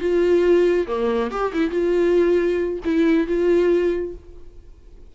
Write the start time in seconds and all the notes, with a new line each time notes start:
0.00 F4
0.87 A#3
1.31 G4
1.53 E4
1.71 F4
2.85 E4
3.27 F4